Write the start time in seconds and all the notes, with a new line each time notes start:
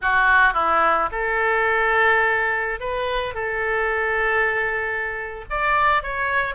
0.01 F#4
0.53 E4
1.11 A4
2.79 B4
3.34 A4
5.50 D5
6.02 C#5